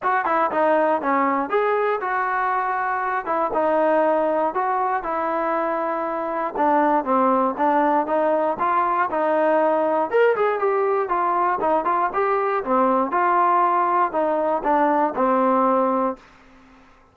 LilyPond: \new Staff \with { instrumentName = "trombone" } { \time 4/4 \tempo 4 = 119 fis'8 e'8 dis'4 cis'4 gis'4 | fis'2~ fis'8 e'8 dis'4~ | dis'4 fis'4 e'2~ | e'4 d'4 c'4 d'4 |
dis'4 f'4 dis'2 | ais'8 gis'8 g'4 f'4 dis'8 f'8 | g'4 c'4 f'2 | dis'4 d'4 c'2 | }